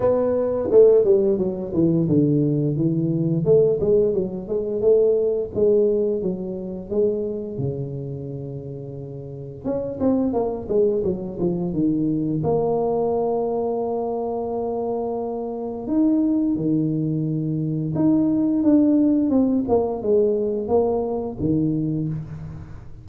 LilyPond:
\new Staff \with { instrumentName = "tuba" } { \time 4/4 \tempo 4 = 87 b4 a8 g8 fis8 e8 d4 | e4 a8 gis8 fis8 gis8 a4 | gis4 fis4 gis4 cis4~ | cis2 cis'8 c'8 ais8 gis8 |
fis8 f8 dis4 ais2~ | ais2. dis'4 | dis2 dis'4 d'4 | c'8 ais8 gis4 ais4 dis4 | }